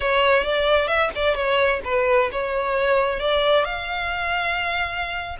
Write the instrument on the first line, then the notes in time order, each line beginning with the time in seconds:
violin
0.00 C#5
0.43 D5
0.87 E5
1.15 D5
1.34 C#5
1.84 B4
2.32 C#5
3.19 D5
3.65 F5